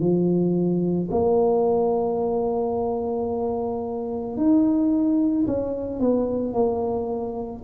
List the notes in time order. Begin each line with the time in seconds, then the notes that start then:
0.00 F3
1.11 A#3
4.37 D#4
5.47 C#4
6.00 B3
6.54 A#3